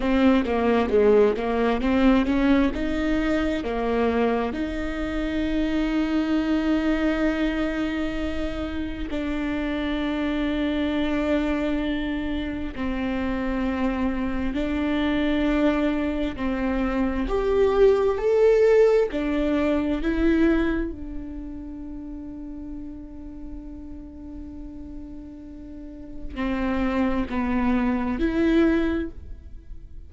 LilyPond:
\new Staff \with { instrumentName = "viola" } { \time 4/4 \tempo 4 = 66 c'8 ais8 gis8 ais8 c'8 cis'8 dis'4 | ais4 dis'2.~ | dis'2 d'2~ | d'2 c'2 |
d'2 c'4 g'4 | a'4 d'4 e'4 d'4~ | d'1~ | d'4 c'4 b4 e'4 | }